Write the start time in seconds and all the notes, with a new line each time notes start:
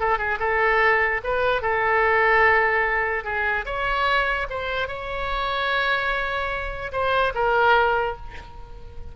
0.00 A4
0.19 G#4
0.40 A4
1.24 B4
1.62 A4
3.24 G#4
3.66 C#5
4.50 C5
4.88 C#5
6.92 C5
7.35 A#4